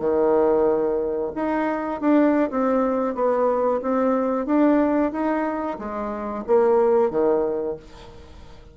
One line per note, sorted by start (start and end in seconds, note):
0.00 1.32 D#3
1.35 2.01 D#4
2.01 2.50 D4
2.51 3.15 C4
3.15 3.81 B3
3.82 4.46 C4
4.46 5.12 D4
5.12 5.78 D#4
5.79 6.45 G#3
6.47 7.11 A#3
7.11 7.77 D#3